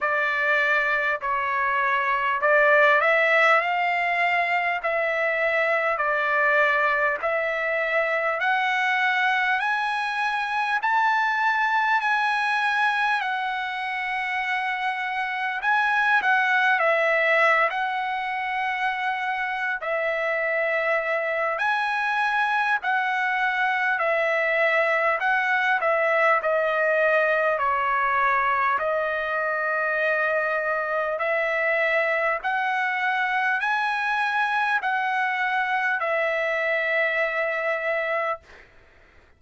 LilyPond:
\new Staff \with { instrumentName = "trumpet" } { \time 4/4 \tempo 4 = 50 d''4 cis''4 d''8 e''8 f''4 | e''4 d''4 e''4 fis''4 | gis''4 a''4 gis''4 fis''4~ | fis''4 gis''8 fis''8 e''8. fis''4~ fis''16~ |
fis''8 e''4. gis''4 fis''4 | e''4 fis''8 e''8 dis''4 cis''4 | dis''2 e''4 fis''4 | gis''4 fis''4 e''2 | }